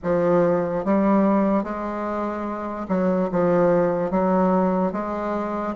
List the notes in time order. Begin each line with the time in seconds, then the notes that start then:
0.03 F3
0.84 G3
1.63 G#3
2.88 F#3
3.31 F3
4.11 F#3
4.92 G#3